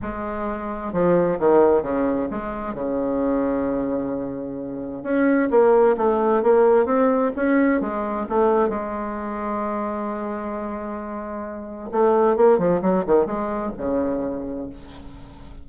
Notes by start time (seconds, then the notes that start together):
0.02 G#3
0.92 F3
1.39 D#3
1.82 C#3
2.30 G#3
2.74 C#3
5.03 C#4
5.50 A#3
5.97 A3
6.42 A#3
6.85 C4
7.36 C#4
7.80 G#3
8.29 A3
8.69 G#3
11.91 A3
12.36 A#3
12.58 F3
12.81 F#3
13.06 D#3
13.26 G#3
13.77 C#3